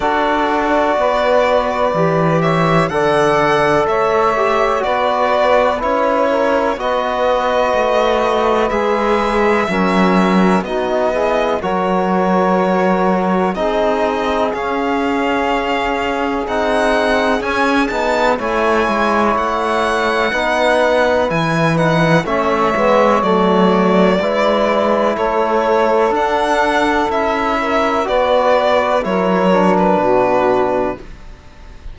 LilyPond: <<
  \new Staff \with { instrumentName = "violin" } { \time 4/4 \tempo 4 = 62 d''2~ d''8 e''8 fis''4 | e''4 d''4 cis''4 dis''4~ | dis''4 e''2 dis''4 | cis''2 dis''4 f''4~ |
f''4 fis''4 gis''8 a''8 gis''4 | fis''2 gis''8 fis''8 e''4 | d''2 cis''4 fis''4 | e''4 d''4 cis''8. b'4~ b'16 | }
  \new Staff \with { instrumentName = "saxophone" } { \time 4/4 a'4 b'4. cis''8 d''4 | cis''4 b'4. ais'8 b'4~ | b'2 ais'4 fis'8 gis'8 | ais'2 gis'2~ |
gis'2. cis''4~ | cis''4 b'2 cis''4~ | cis''4 b'4 a'2~ | a'8 ais'8 b'4 ais'4 fis'4 | }
  \new Staff \with { instrumentName = "trombone" } { \time 4/4 fis'2 g'4 a'4~ | a'8 g'8 fis'4 e'4 fis'4~ | fis'4 gis'4 cis'4 dis'8 e'8 | fis'2 dis'4 cis'4~ |
cis'4 dis'4 cis'8 dis'8 e'4~ | e'4 dis'4 e'8 dis'8 cis'8 b8 | a4 e'2 d'4 | e'4 fis'4 e'8 d'4. | }
  \new Staff \with { instrumentName = "cello" } { \time 4/4 d'4 b4 e4 d4 | a4 b4 cis'4 b4 | a4 gis4 fis4 b4 | fis2 c'4 cis'4~ |
cis'4 c'4 cis'8 b8 a8 gis8 | a4 b4 e4 a8 gis8 | fis4 gis4 a4 d'4 | cis'4 b4 fis4 b,4 | }
>>